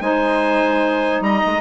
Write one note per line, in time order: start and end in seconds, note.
0.00 1.20 G#3
0.00 1.61 D#4
0.00 1.23 C5
0.00 1.22 G#5
1.20 1.40 G3
1.20 1.61 D#5
1.20 1.61 A#5
1.45 1.61 G#3